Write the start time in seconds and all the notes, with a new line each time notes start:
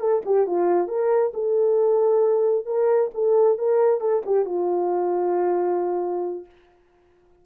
0.00 A4
0.26 G4
0.47 F4
0.88 A#4
1.34 A4
2.66 A#4
3.15 A4
3.59 A#4
4.01 A4
4.26 G4
4.46 F4